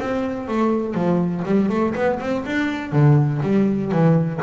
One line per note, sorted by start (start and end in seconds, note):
0.00 0.48 C4
0.48 0.94 A3
0.94 1.43 F3
1.45 1.69 G3
1.69 1.94 A3
1.95 2.19 B3
2.20 2.45 C4
2.46 2.92 D4
2.92 3.41 D3
3.42 3.91 G3
3.92 4.41 E3